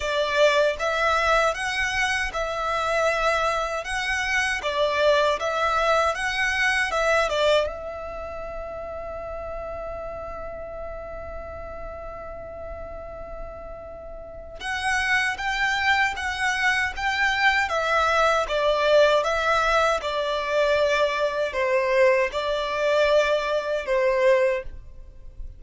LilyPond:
\new Staff \with { instrumentName = "violin" } { \time 4/4 \tempo 4 = 78 d''4 e''4 fis''4 e''4~ | e''4 fis''4 d''4 e''4 | fis''4 e''8 d''8 e''2~ | e''1~ |
e''2. fis''4 | g''4 fis''4 g''4 e''4 | d''4 e''4 d''2 | c''4 d''2 c''4 | }